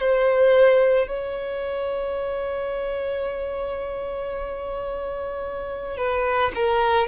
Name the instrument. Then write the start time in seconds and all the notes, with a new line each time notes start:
violin
0.00 C5
1.08 C#5
5.98 B4
6.55 A#4